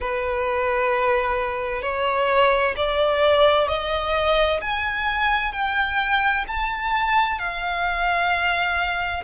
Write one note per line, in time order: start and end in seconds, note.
0.00 1.82 B4
1.82 2.74 C#5
2.76 3.68 D5
3.68 4.60 D#5
4.61 5.52 G#5
5.52 6.44 G5
6.47 7.38 A5
7.38 9.23 F5